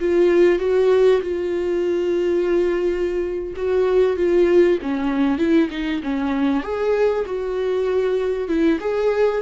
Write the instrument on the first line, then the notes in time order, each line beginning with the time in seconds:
viola
0.00 F4
0.59 F#4
1.22 F4
3.56 F#4
4.16 F4
4.82 C#4
5.38 E4
5.70 D#4
6.03 C#4
6.63 G#4
7.26 F#4
8.48 E4
8.80 G#4